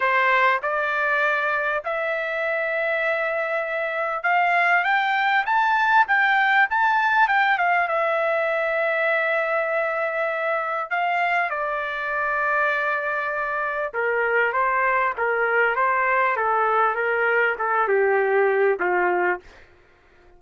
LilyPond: \new Staff \with { instrumentName = "trumpet" } { \time 4/4 \tempo 4 = 99 c''4 d''2 e''4~ | e''2. f''4 | g''4 a''4 g''4 a''4 | g''8 f''8 e''2.~ |
e''2 f''4 d''4~ | d''2. ais'4 | c''4 ais'4 c''4 a'4 | ais'4 a'8 g'4. f'4 | }